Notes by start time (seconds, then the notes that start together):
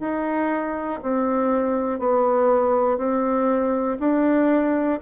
0.00 D#4
1.02 C4
1.99 B3
2.97 C4
4.00 D4